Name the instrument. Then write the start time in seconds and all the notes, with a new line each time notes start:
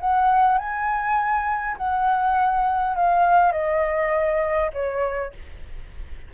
flute
0.00 F#5
0.58 G#5
1.77 F#5
2.96 F5
3.52 D#5
4.73 C#5